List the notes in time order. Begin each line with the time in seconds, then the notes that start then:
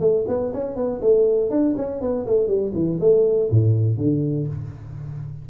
0.00 A3
0.28 B3
0.53 C#4
0.76 B3
1.01 A3
1.50 D4
1.77 C#4
2.01 B3
2.26 A3
2.47 G3
2.74 E3
3.00 A3
3.50 A2
3.97 D3